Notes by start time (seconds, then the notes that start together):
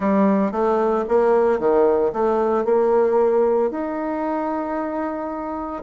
0.00 G3
0.51 A3
1.08 A#3
1.59 D#3
2.12 A3
2.65 A#3
3.70 D#4